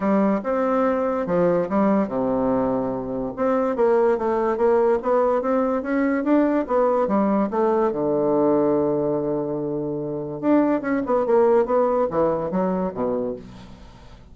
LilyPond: \new Staff \with { instrumentName = "bassoon" } { \time 4/4 \tempo 4 = 144 g4 c'2 f4 | g4 c2. | c'4 ais4 a4 ais4 | b4 c'4 cis'4 d'4 |
b4 g4 a4 d4~ | d1~ | d4 d'4 cis'8 b8 ais4 | b4 e4 fis4 b,4 | }